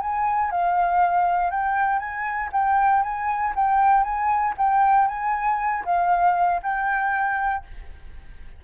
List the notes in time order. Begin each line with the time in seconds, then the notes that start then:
0.00 G#5
0.51 F5
1.51 G5
1.99 G#5
2.52 G5
3.03 G#5
3.55 G5
4.03 G#5
4.57 G5
5.08 G#5
5.85 F5
6.63 G5